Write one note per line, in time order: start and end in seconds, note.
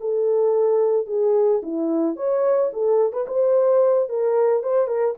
0.00 1.06 A4
1.06 1.61 G#4
1.62 2.16 E4
2.16 2.70 C#5
2.73 3.12 A4
3.12 3.26 B4
3.27 4.09 C5
4.09 4.63 A#4
4.63 4.87 C5
4.87 5.14 A#4